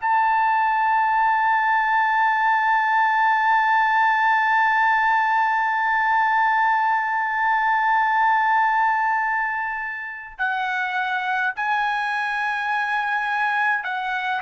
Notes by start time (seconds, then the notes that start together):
0.00 A5
10.38 F#5
11.56 G#5
13.84 F#5